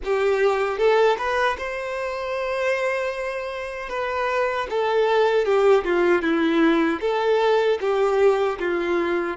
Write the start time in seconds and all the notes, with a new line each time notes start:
0.04 G4
0.78 A4
1.18 B4
1.58 C5
3.89 B4
4.70 A4
5.45 G4
5.84 F4
6.22 E4
7.00 A4
7.81 G4
8.59 F4